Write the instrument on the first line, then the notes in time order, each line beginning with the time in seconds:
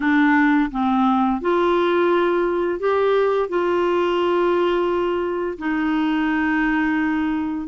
clarinet
0.00 D4
0.71 C4
1.41 F4
2.79 G4
3.48 F4
5.58 D#4